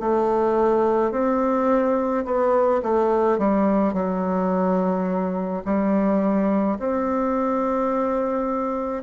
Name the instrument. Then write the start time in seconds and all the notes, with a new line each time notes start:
bassoon
0.00 A3
1.12 C4
2.25 B3
2.83 A3
3.39 G3
3.94 F#3
5.66 G3
6.79 C4